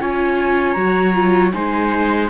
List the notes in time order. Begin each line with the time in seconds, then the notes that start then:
0.00 C#4 F4 C#5 G#5
0.72 F#3 F#4 A#5
1.14 F4
1.53 G#3 D#4 C5 G#5